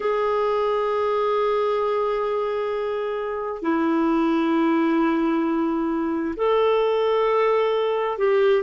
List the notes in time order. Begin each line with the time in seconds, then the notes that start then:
0.00 G#4
3.62 E4
6.36 A4
8.17 G4